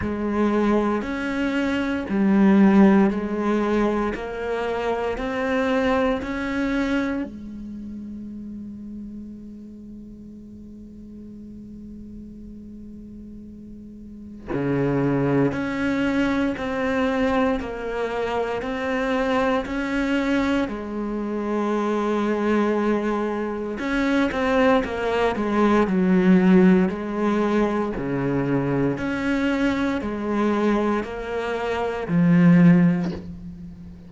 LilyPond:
\new Staff \with { instrumentName = "cello" } { \time 4/4 \tempo 4 = 58 gis4 cis'4 g4 gis4 | ais4 c'4 cis'4 gis4~ | gis1~ | gis2 cis4 cis'4 |
c'4 ais4 c'4 cis'4 | gis2. cis'8 c'8 | ais8 gis8 fis4 gis4 cis4 | cis'4 gis4 ais4 f4 | }